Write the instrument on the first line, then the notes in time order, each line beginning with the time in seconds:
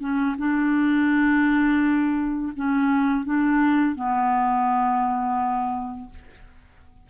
clarinet
0.00 C#4
0.38 D4
2.56 C#4
3.25 D4
3.95 B3